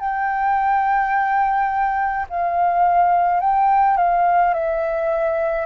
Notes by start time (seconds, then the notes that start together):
0.00 G5
2.30 F5
3.41 G5
3.97 F5
4.54 E5